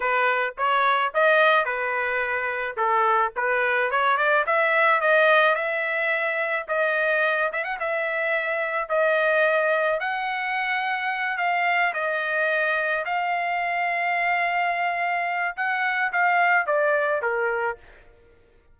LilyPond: \new Staff \with { instrumentName = "trumpet" } { \time 4/4 \tempo 4 = 108 b'4 cis''4 dis''4 b'4~ | b'4 a'4 b'4 cis''8 d''8 | e''4 dis''4 e''2 | dis''4. e''16 fis''16 e''2 |
dis''2 fis''2~ | fis''8 f''4 dis''2 f''8~ | f''1 | fis''4 f''4 d''4 ais'4 | }